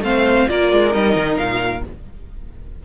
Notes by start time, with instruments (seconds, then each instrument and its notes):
0.00 cello A3, viola C4, violin C5 F5
0.48 cello A#3, viola F4, violin A#4 D5
0.72 cello G#3
0.91 cello G3, viola D#4, violin D#5
1.16 cello D#3
1.37 cello A#2, violin F5